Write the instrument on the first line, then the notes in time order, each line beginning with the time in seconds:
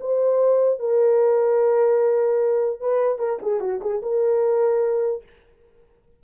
horn
0.00 C5
0.79 A#4
2.80 B4
3.19 A#4
3.42 G#4
3.60 F#4
3.81 G#4
4.02 A#4